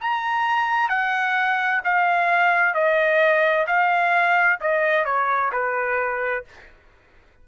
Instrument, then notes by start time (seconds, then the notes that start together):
trumpet
0.00 A#5
0.89 F#5
1.84 F5
2.74 D#5
3.67 F5
4.60 D#5
5.05 C#5
5.52 B4